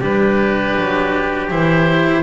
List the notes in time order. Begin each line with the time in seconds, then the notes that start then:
0.00 G3 D4 G4 B4
0.77 F#3
1.50 E3 E4 C5